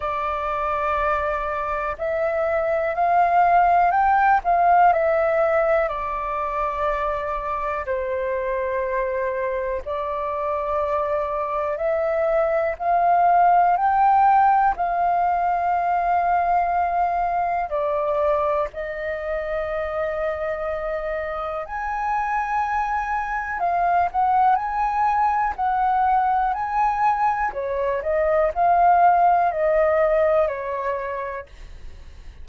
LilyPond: \new Staff \with { instrumentName = "flute" } { \time 4/4 \tempo 4 = 61 d''2 e''4 f''4 | g''8 f''8 e''4 d''2 | c''2 d''2 | e''4 f''4 g''4 f''4~ |
f''2 d''4 dis''4~ | dis''2 gis''2 | f''8 fis''8 gis''4 fis''4 gis''4 | cis''8 dis''8 f''4 dis''4 cis''4 | }